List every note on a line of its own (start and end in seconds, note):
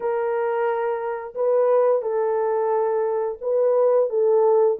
0.00 1.34 A#4
1.35 2.02 B4
2.02 3.38 A4
3.41 4.09 B4
4.09 4.77 A4